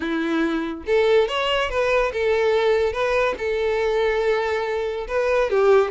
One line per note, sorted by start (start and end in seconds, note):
0.00 0.83 E4
0.86 1.28 A4
1.28 1.69 C#5
1.69 2.11 B4
2.12 2.92 A4
2.92 3.35 B4
3.38 5.07 A4
5.07 5.49 B4
5.50 5.90 G4